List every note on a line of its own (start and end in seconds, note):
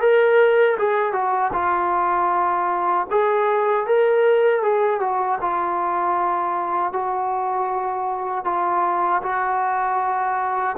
0.00 0.77 A#4
0.78 1.12 G#4
1.12 1.51 F#4
1.53 3.07 F4
3.10 3.86 G#4
3.86 4.62 A#4
4.62 5.00 G#4
5.00 5.38 F#4
5.41 6.92 F4
6.92 8.44 F#4
8.44 9.21 F4
9.22 10.76 F#4